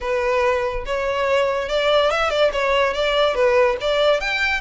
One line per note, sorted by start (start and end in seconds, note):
0.01 0.84 B4
0.85 1.69 C#5
1.69 2.11 D5
2.11 2.30 E5
2.30 2.51 D5
2.53 2.93 C#5
2.93 3.34 D5
3.34 3.76 B4
3.80 4.20 D5
4.20 4.60 G5